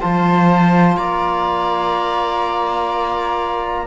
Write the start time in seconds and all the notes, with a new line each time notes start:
0.00 F3 F4 C5 A5
0.97 A#3 D5 A#5